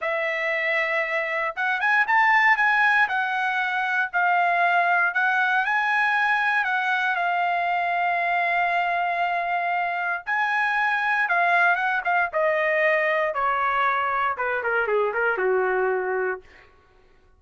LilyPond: \new Staff \with { instrumentName = "trumpet" } { \time 4/4 \tempo 4 = 117 e''2. fis''8 gis''8 | a''4 gis''4 fis''2 | f''2 fis''4 gis''4~ | gis''4 fis''4 f''2~ |
f''1 | gis''2 f''4 fis''8 f''8 | dis''2 cis''2 | b'8 ais'8 gis'8 ais'8 fis'2 | }